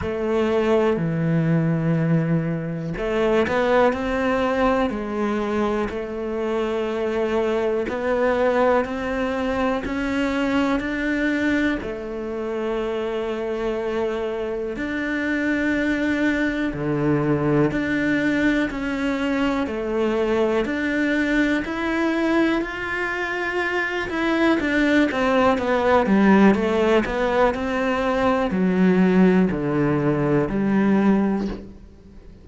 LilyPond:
\new Staff \with { instrumentName = "cello" } { \time 4/4 \tempo 4 = 61 a4 e2 a8 b8 | c'4 gis4 a2 | b4 c'4 cis'4 d'4 | a2. d'4~ |
d'4 d4 d'4 cis'4 | a4 d'4 e'4 f'4~ | f'8 e'8 d'8 c'8 b8 g8 a8 b8 | c'4 fis4 d4 g4 | }